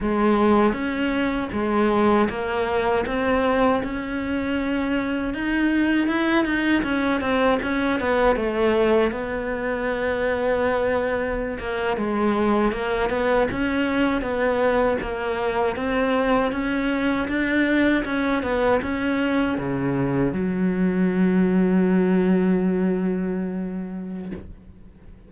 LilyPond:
\new Staff \with { instrumentName = "cello" } { \time 4/4 \tempo 4 = 79 gis4 cis'4 gis4 ais4 | c'4 cis'2 dis'4 | e'8 dis'8 cis'8 c'8 cis'8 b8 a4 | b2.~ b16 ais8 gis16~ |
gis8. ais8 b8 cis'4 b4 ais16~ | ais8. c'4 cis'4 d'4 cis'16~ | cis'16 b8 cis'4 cis4 fis4~ fis16~ | fis1 | }